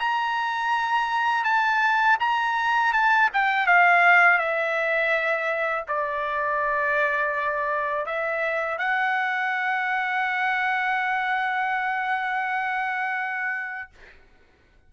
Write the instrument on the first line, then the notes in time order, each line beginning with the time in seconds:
trumpet
0.00 A#5
1.45 A5
2.21 A#5
2.93 A5
3.34 G5
3.67 F5
4.39 E5
5.88 D5
8.06 E5
8.78 F#5